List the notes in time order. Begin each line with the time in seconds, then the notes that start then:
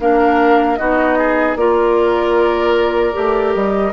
0.00 A#3 D4 A#4 F5
0.76 B3 D#4 F#4 D#5
1.18 G#4
1.55 A#3 F4 A#4 D5
3.13 A3 G4
3.54 G3 D#5